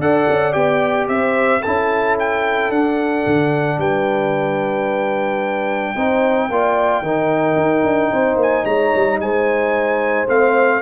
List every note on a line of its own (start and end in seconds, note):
0.00 0.27 D4
0.00 0.53 A4
0.00 1.10 D5
0.00 0.53 F#5
0.30 0.55 C#4
0.53 1.08 B3
0.53 1.61 G4
0.53 1.07 G5
1.08 1.62 C4
1.08 1.61 C5
1.08 1.63 E5
1.61 2.70 C#4
1.61 2.73 E4
1.61 3.78 A4
1.61 2.17 A5
2.19 2.72 G5
2.70 3.24 D4
2.70 5.96 D4
2.70 3.80 F#5
3.27 3.78 D3
3.78 5.94 G3
3.78 5.95 B4
3.78 8.40 G5
5.95 6.50 C4
5.95 6.50 D#4
5.95 6.49 C5
6.50 7.02 A#3
6.50 7.04 F4
6.50 7.03 D5
7.02 7.56 D#3
7.02 10.28 D#4
7.02 8.11 A#4
7.57 7.84 D#4
7.84 8.11 D4
8.12 8.36 C4
8.12 8.65 C5
8.36 8.63 A#3
8.36 8.66 G#5
8.65 8.92 G#3
8.65 9.19 C#5
8.65 9.20 A#5
8.95 9.20 G3
9.20 10.28 G#3
9.20 10.82 C5
9.20 10.29 G#5
10.28 10.82 A3
10.28 10.82 C4
10.28 10.82 F5